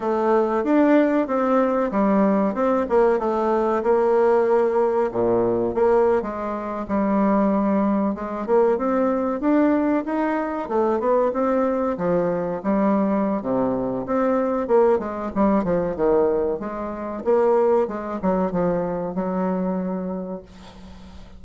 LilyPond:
\new Staff \with { instrumentName = "bassoon" } { \time 4/4 \tempo 4 = 94 a4 d'4 c'4 g4 | c'8 ais8 a4 ais2 | ais,4 ais8. gis4 g4~ g16~ | g8. gis8 ais8 c'4 d'4 dis'16~ |
dis'8. a8 b8 c'4 f4 g16~ | g4 c4 c'4 ais8 gis8 | g8 f8 dis4 gis4 ais4 | gis8 fis8 f4 fis2 | }